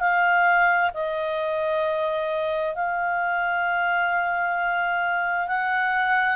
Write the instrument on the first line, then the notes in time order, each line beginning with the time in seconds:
clarinet
0.00 F5
0.94 D#5
2.75 F5
5.48 F#5